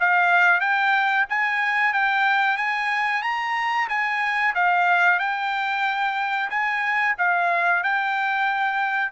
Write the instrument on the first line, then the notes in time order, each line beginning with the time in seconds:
trumpet
0.00 F5
0.60 G5
1.29 G#5
1.94 G5
2.57 G#5
3.23 A#5
3.89 G#5
4.55 F5
5.19 G5
6.50 G#5
7.18 F5
7.83 G5